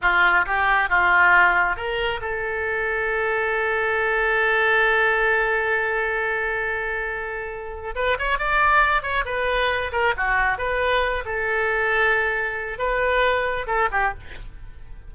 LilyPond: \new Staff \with { instrumentName = "oboe" } { \time 4/4 \tempo 4 = 136 f'4 g'4 f'2 | ais'4 a'2.~ | a'1~ | a'1~ |
a'2 b'8 cis''8 d''4~ | d''8 cis''8 b'4. ais'8 fis'4 | b'4. a'2~ a'8~ | a'4 b'2 a'8 g'8 | }